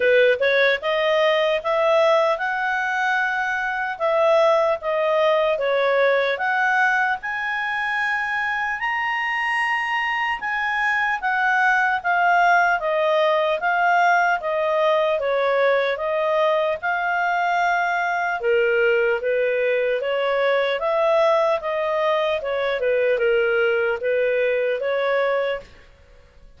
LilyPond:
\new Staff \with { instrumentName = "clarinet" } { \time 4/4 \tempo 4 = 75 b'8 cis''8 dis''4 e''4 fis''4~ | fis''4 e''4 dis''4 cis''4 | fis''4 gis''2 ais''4~ | ais''4 gis''4 fis''4 f''4 |
dis''4 f''4 dis''4 cis''4 | dis''4 f''2 ais'4 | b'4 cis''4 e''4 dis''4 | cis''8 b'8 ais'4 b'4 cis''4 | }